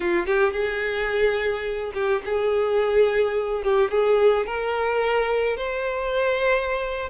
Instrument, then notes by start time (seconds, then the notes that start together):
violin
0.00 F4
0.26 G4
0.53 G#4
1.94 G4
2.25 G#4
3.63 G4
3.90 G#4
4.46 A#4
5.56 C5